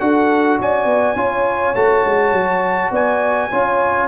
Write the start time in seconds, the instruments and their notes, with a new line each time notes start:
0.00 tuba D4, trombone F#4, horn A4, trumpet F#5
0.59 tuba C#4, horn D5, trumpet G#5
0.85 tuba B3
1.16 tuba C#4, trombone F4, horn C#5
1.75 tuba A3, trombone F#4, trumpet A5
2.05 tuba G#3
2.32 tuba F#3
2.91 tuba B3, horn D5, trumpet G#5
3.50 tuba C#4, trombone F4, horn C#5